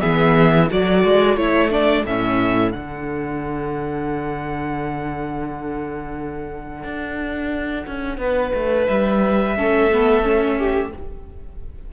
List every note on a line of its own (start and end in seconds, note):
0.00 0.71 E3
0.00 0.69 B3
0.00 0.67 G#4
0.00 0.68 E5
0.67 1.04 F#3
0.67 1.37 F#4
0.67 8.17 A4
0.67 1.36 D5
1.04 1.36 G#3
1.36 2.04 A3
1.36 1.71 E4
1.36 1.70 C#5
1.71 2.05 D4
1.71 2.05 D5
2.05 2.73 A2
2.05 2.71 C#4
2.05 2.72 E5
2.71 6.83 D3
2.71 9.52 D4
2.71 8.86 F#5
6.83 7.86 D4
7.87 8.18 C#4
8.18 8.52 B3
8.18 9.57 B4
8.54 8.88 A3
8.87 9.56 G3
8.87 10.92 E5
9.56 10.92 A3
9.56 9.91 C#4
9.56 10.58 A4
9.91 10.23 B3
10.23 10.91 C#4
10.58 10.92 G4